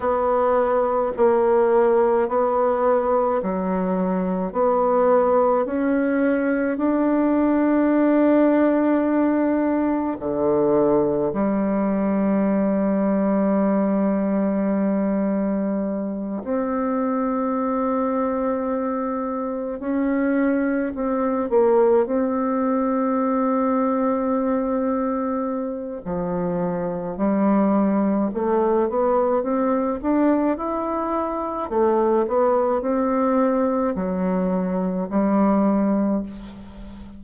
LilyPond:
\new Staff \with { instrumentName = "bassoon" } { \time 4/4 \tempo 4 = 53 b4 ais4 b4 fis4 | b4 cis'4 d'2~ | d'4 d4 g2~ | g2~ g8 c'4.~ |
c'4. cis'4 c'8 ais8 c'8~ | c'2. f4 | g4 a8 b8 c'8 d'8 e'4 | a8 b8 c'4 fis4 g4 | }